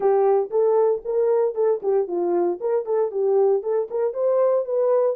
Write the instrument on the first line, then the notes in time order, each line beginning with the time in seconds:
horn
0.00 G4
0.50 A4
1.04 A#4
1.54 A4
1.82 G4
2.07 F4
2.60 A#4
2.85 A4
3.11 G4
3.62 A4
3.90 A#4
4.13 C5
4.65 B4